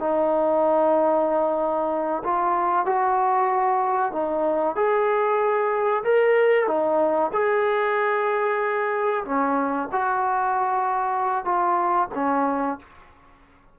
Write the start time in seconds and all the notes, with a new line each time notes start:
0.00 D#4
2.25 F4
2.86 F#4
4.13 D#4
4.76 G#4
6.04 A#4
6.68 D#4
7.33 G#4
9.25 C#4
9.93 F#4
11.45 F4
12.15 C#4